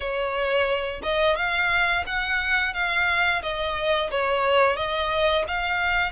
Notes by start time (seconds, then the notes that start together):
0.00 C#5
1.02 D#5
1.36 F5
2.06 F#5
2.73 F5
3.42 D#5
4.11 C#5
4.76 D#5
5.47 F5